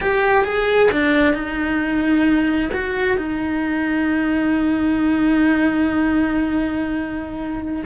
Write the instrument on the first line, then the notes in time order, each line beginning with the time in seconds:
cello
0.00 G4
0.44 G#4
0.91 D4
1.34 D#4
2.73 F#4
3.17 D#4